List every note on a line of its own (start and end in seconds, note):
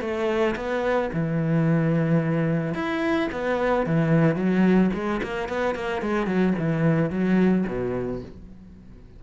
0.00 0.55 A3
0.55 1.10 B3
1.13 2.74 E3
2.74 3.28 E4
3.31 3.86 B3
3.86 4.35 E3
4.35 4.90 F#3
4.93 5.20 G#3
5.22 5.48 A#3
5.48 5.75 B3
5.75 6.01 A#3
6.01 6.26 G#3
6.26 6.53 F#3
6.58 7.10 E3
7.10 7.65 F#3
7.67 8.21 B2